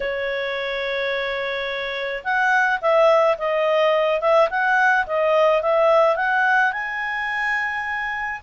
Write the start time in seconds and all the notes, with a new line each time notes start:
0.00 C#5
2.24 F#5
2.81 E5
3.37 D#5
4.20 E5
4.49 F#5
5.06 D#5
5.62 E5
6.16 F#5
6.72 G#5